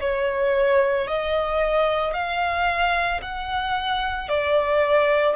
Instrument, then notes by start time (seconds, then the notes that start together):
violin
0.00 C#5
1.08 D#5
2.14 F5
3.22 F#5
4.29 D5